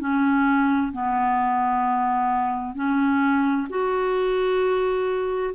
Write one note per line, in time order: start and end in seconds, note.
0.00 0.92 C#4
0.93 2.75 B3
2.75 3.68 C#4
3.70 5.55 F#4